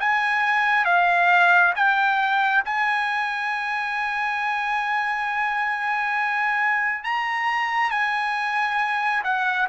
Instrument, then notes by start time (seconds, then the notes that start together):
trumpet
0.00 G#5
0.85 F5
1.76 G5
2.66 G#5
7.04 A#5
7.91 G#5
9.24 F#5